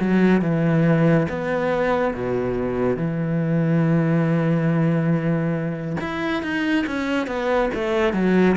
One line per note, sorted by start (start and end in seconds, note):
0.00 0.42 F#3
0.42 1.27 E3
1.29 2.14 B3
2.14 2.97 B2
2.97 5.97 E3
6.01 6.43 E4
6.43 6.86 D#4
6.87 7.27 C#4
7.27 7.70 B3
7.75 8.14 A3
8.14 8.56 F#3